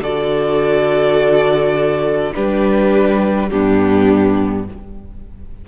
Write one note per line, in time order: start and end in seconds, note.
0.00 2.31 D3
0.00 2.33 F#4
0.00 2.33 A4
0.00 2.33 D5
2.33 3.52 G3
2.33 3.49 D4
2.33 3.50 G4
2.33 3.49 B4
3.49 4.68 G2
3.49 4.67 B3
3.49 4.65 D4
3.49 4.64 G4